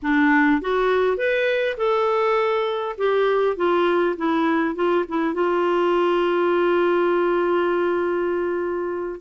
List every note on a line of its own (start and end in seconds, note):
0.02 0.61 D4
0.61 1.17 F#4
1.17 1.76 B4
1.77 2.95 A4
2.97 3.56 G4
3.56 4.16 F4
4.17 4.75 E4
4.75 5.04 F4
5.08 5.34 E4
5.34 9.20 F4